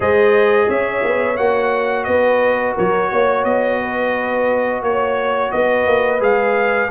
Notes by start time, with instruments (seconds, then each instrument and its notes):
0.00 tuba G#3, trombone G#4, horn C5, trumpet D#5
0.68 tuba C#4, horn C#5, trumpet E5
1.03 tuba B3
1.36 tuba A#3, trombone F#4, trumpet F#5
2.04 tuba B3, horn B4, trumpet D#5
2.75 tuba F#3, horn A#4, trumpet C#5
3.11 tuba A#3, horn C#5
3.44 tuba B3, trumpet D#5
3.81 horn B4
4.82 tuba A#3, trumpet C#5, horn C#5
5.51 tuba B3, horn B4, trumpet D#5
5.86 tuba A#3
6.20 tuba G#3, trombone G#4, trumpet F5